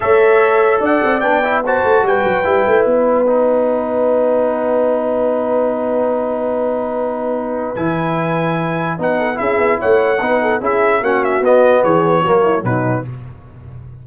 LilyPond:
<<
  \new Staff \with { instrumentName = "trumpet" } { \time 4/4 \tempo 4 = 147 e''2 fis''4 g''4 | a''4 g''2 fis''4~ | fis''1~ | fis''1~ |
fis''2. gis''4~ | gis''2 fis''4 e''4 | fis''2 e''4 fis''8 e''8 | dis''4 cis''2 b'4 | }
  \new Staff \with { instrumentName = "horn" } { \time 4/4 cis''2 d''2 | c''4 b'2.~ | b'1~ | b'1~ |
b'1~ | b'2~ b'8 a'8 gis'4 | cis''4 b'8 a'8 gis'4 fis'4~ | fis'4 gis'4 fis'8 e'8 dis'4 | }
  \new Staff \with { instrumentName = "trombone" } { \time 4/4 a'2. d'8 e'8 | fis'2 e'2 | dis'1~ | dis'1~ |
dis'2. e'4~ | e'2 dis'4 e'4~ | e'4 dis'4 e'4 cis'4 | b2 ais4 fis4 | }
  \new Staff \with { instrumentName = "tuba" } { \time 4/4 a2 d'8 c'8 b4~ | b8 a8 g8 fis8 g8 a8 b4~ | b1~ | b1~ |
b2. e4~ | e2 b4 cis'8 b8 | a4 b4 cis'4 ais4 | b4 e4 fis4 b,4 | }
>>